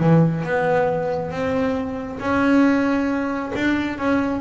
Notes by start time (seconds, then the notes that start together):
0.00 E3
0.45 B3
1.32 C4
2.20 C#4
3.56 D4
3.98 C#4